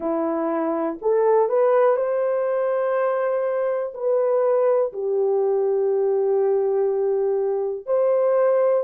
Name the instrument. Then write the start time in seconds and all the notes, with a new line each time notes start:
horn
0.00 E4
1.01 A4
1.48 B4
1.96 C5
3.93 B4
4.92 G4
7.86 C5